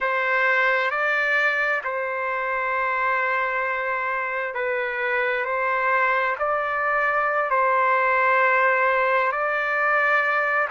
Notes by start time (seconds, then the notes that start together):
0.00 C5
0.90 D5
1.83 C5
4.54 B4
5.45 C5
6.38 D5
7.50 C5
9.32 D5